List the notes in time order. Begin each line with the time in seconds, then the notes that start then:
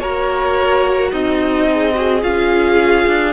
0.00 A#3 F#4 A#4 C#5
1.12 C4 D#4 D#5
1.71 G#4
1.94 F#4 G#4
2.22 C#4 F4 F5
3.08 D4